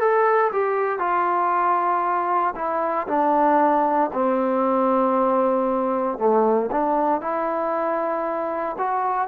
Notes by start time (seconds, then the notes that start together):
0.00 A4
0.53 G4
0.99 F4
2.56 E4
3.08 D4
4.13 C4
6.19 A3
6.72 D4
7.21 E4
8.79 F#4